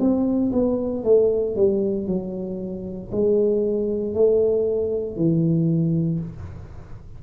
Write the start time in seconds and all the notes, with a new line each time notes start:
0.00 C4
0.52 B3
1.03 A3
1.55 G3
2.07 F#3
3.12 G#3
4.14 A3
5.16 E3